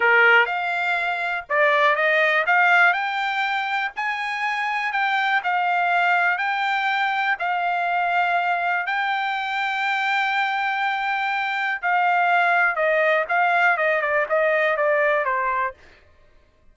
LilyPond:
\new Staff \with { instrumentName = "trumpet" } { \time 4/4 \tempo 4 = 122 ais'4 f''2 d''4 | dis''4 f''4 g''2 | gis''2 g''4 f''4~ | f''4 g''2 f''4~ |
f''2 g''2~ | g''1 | f''2 dis''4 f''4 | dis''8 d''8 dis''4 d''4 c''4 | }